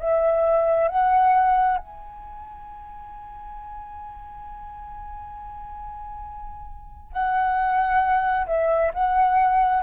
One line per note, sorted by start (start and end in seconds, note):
0.00 0.89 E5
0.89 1.78 F#5
1.78 7.13 G#5
7.13 8.47 F#5
8.47 8.92 E5
8.94 9.83 F#5